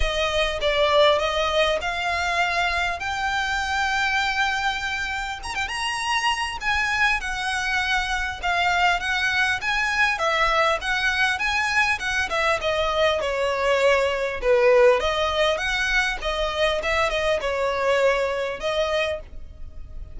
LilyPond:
\new Staff \with { instrumentName = "violin" } { \time 4/4 \tempo 4 = 100 dis''4 d''4 dis''4 f''4~ | f''4 g''2.~ | g''4 ais''16 g''16 ais''4. gis''4 | fis''2 f''4 fis''4 |
gis''4 e''4 fis''4 gis''4 | fis''8 e''8 dis''4 cis''2 | b'4 dis''4 fis''4 dis''4 | e''8 dis''8 cis''2 dis''4 | }